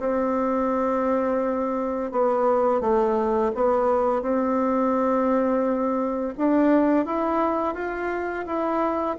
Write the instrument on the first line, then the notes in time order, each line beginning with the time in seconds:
bassoon
0.00 C4
2.12 B3
2.81 A3
3.55 B3
4.22 C4
6.38 D4
7.06 E4
7.75 F4
8.46 E4